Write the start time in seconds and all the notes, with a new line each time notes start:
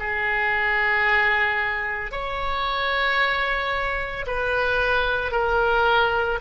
0.00 G#4
2.12 C#5
4.27 B4
5.32 A#4